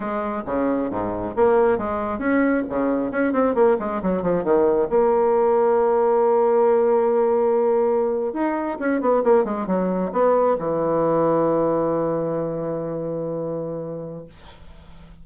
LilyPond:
\new Staff \with { instrumentName = "bassoon" } { \time 4/4 \tempo 4 = 135 gis4 cis4 gis,4 ais4 | gis4 cis'4 cis4 cis'8 c'8 | ais8 gis8 fis8 f8 dis4 ais4~ | ais1~ |
ais2~ ais8. dis'4 cis'16~ | cis'16 b8 ais8 gis8 fis4 b4 e16~ | e1~ | e1 | }